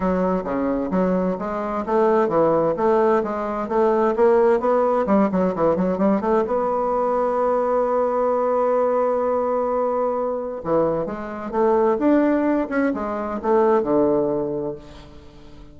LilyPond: \new Staff \with { instrumentName = "bassoon" } { \time 4/4 \tempo 4 = 130 fis4 cis4 fis4 gis4 | a4 e4 a4 gis4 | a4 ais4 b4 g8 fis8 | e8 fis8 g8 a8 b2~ |
b1~ | b2. e4 | gis4 a4 d'4. cis'8 | gis4 a4 d2 | }